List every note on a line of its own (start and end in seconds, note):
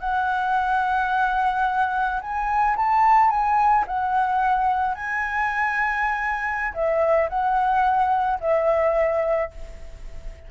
0.00 2.20 F#5
2.21 2.76 G#5
2.76 3.30 A5
3.30 3.85 G#5
3.87 4.95 F#5
4.95 6.74 G#5
6.74 7.29 E5
7.29 8.39 F#5
8.40 9.51 E5